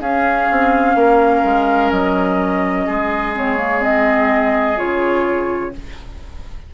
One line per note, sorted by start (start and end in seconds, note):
0.00 0.48 C#4
0.00 3.35 C#4
0.00 0.96 G#4
0.00 1.92 F5
0.51 0.95 C4
0.95 1.43 A#3
0.95 2.86 A#4
1.44 1.91 G#3
1.91 2.87 F#3
1.91 3.35 D#5
2.86 4.79 G#3
2.86 5.72 G#4
3.35 3.57 C4
3.35 3.83 C#5
3.57 3.81 A#3
3.81 4.76 C4
3.81 4.78 D#5
4.77 5.74 C#3
4.77 5.72 F4
4.77 5.74 C#5